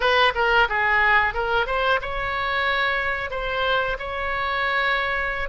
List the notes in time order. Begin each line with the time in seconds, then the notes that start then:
0.00 B4
0.34 A#4
0.68 G#4
1.33 A#4
1.66 C5
2.01 C#5
3.30 C5
3.98 C#5